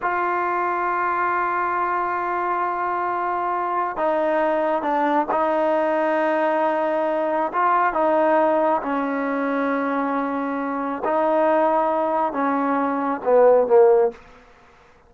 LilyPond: \new Staff \with { instrumentName = "trombone" } { \time 4/4 \tempo 4 = 136 f'1~ | f'1~ | f'4 dis'2 d'4 | dis'1~ |
dis'4 f'4 dis'2 | cis'1~ | cis'4 dis'2. | cis'2 b4 ais4 | }